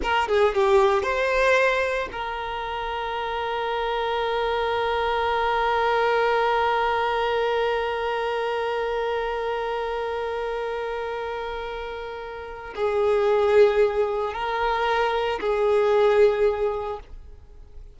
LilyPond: \new Staff \with { instrumentName = "violin" } { \time 4/4 \tempo 4 = 113 ais'8 gis'8 g'4 c''2 | ais'1~ | ais'1~ | ais'1~ |
ais'1~ | ais'1 | gis'2. ais'4~ | ais'4 gis'2. | }